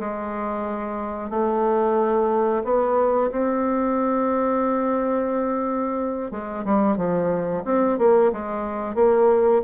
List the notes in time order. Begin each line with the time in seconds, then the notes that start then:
0.00 G#3
1.30 A3
2.65 B3
3.32 C4
6.32 G#3
6.65 G3
6.97 F3
7.65 C4
7.99 A#3
8.33 G#3
8.95 A#3